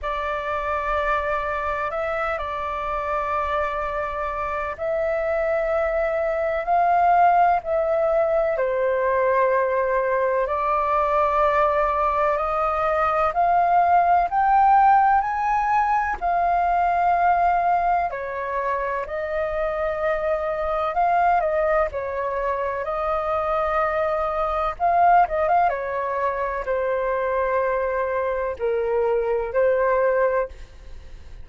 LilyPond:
\new Staff \with { instrumentName = "flute" } { \time 4/4 \tempo 4 = 63 d''2 e''8 d''4.~ | d''4 e''2 f''4 | e''4 c''2 d''4~ | d''4 dis''4 f''4 g''4 |
gis''4 f''2 cis''4 | dis''2 f''8 dis''8 cis''4 | dis''2 f''8 dis''16 f''16 cis''4 | c''2 ais'4 c''4 | }